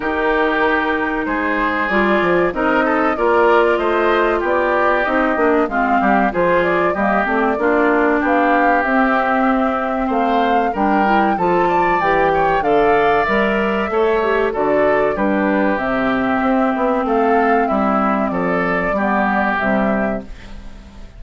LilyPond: <<
  \new Staff \with { instrumentName = "flute" } { \time 4/4 \tempo 4 = 95 ais'2 c''4 d''4 | dis''4 d''4 dis''4 d''4 | dis''4 f''4 c''8 d''8 dis''8 d''8~ | d''4 f''4 e''2 |
f''4 g''4 a''4 g''4 | f''4 e''2 d''4 | b'4 e''2 f''4 | e''4 d''2 e''4 | }
  \new Staff \with { instrumentName = "oboe" } { \time 4/4 g'2 gis'2 | ais'8 a'8 ais'4 c''4 g'4~ | g'4 f'8 g'8 gis'4 g'4 | f'4 g'2. |
c''4 ais'4 a'8 d''4 cis''8 | d''2 cis''4 a'4 | g'2. a'4 | e'4 a'4 g'2 | }
  \new Staff \with { instrumentName = "clarinet" } { \time 4/4 dis'2. f'4 | dis'4 f'2. | dis'8 d'8 c'4 f'4 ais8 c'8 | d'2 c'2~ |
c'4 d'8 e'8 f'4 g'4 | a'4 ais'4 a'8 g'8 fis'4 | d'4 c'2.~ | c'2 b4 g4 | }
  \new Staff \with { instrumentName = "bassoon" } { \time 4/4 dis2 gis4 g8 f8 | c'4 ais4 a4 b4 | c'8 ais8 gis8 g8 f4 g8 a8 | ais4 b4 c'2 |
a4 g4 f4 e4 | d4 g4 a4 d4 | g4 c4 c'8 b8 a4 | g4 f4 g4 c4 | }
>>